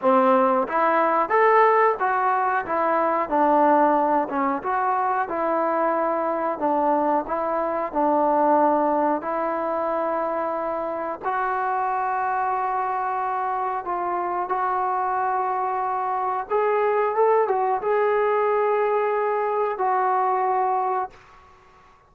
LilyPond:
\new Staff \with { instrumentName = "trombone" } { \time 4/4 \tempo 4 = 91 c'4 e'4 a'4 fis'4 | e'4 d'4. cis'8 fis'4 | e'2 d'4 e'4 | d'2 e'2~ |
e'4 fis'2.~ | fis'4 f'4 fis'2~ | fis'4 gis'4 a'8 fis'8 gis'4~ | gis'2 fis'2 | }